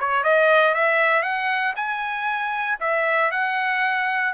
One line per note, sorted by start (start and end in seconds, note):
0.00 0.24 C#5
0.24 0.75 D#5
0.75 1.23 E5
1.23 1.74 F#5
1.76 2.79 G#5
2.81 3.32 E5
3.32 4.34 F#5